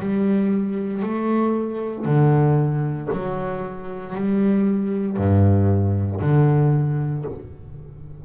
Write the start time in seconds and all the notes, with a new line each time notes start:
0.00 G3
1.03 A3
2.05 D3
3.12 F#3
4.15 G3
5.17 G2
6.21 D3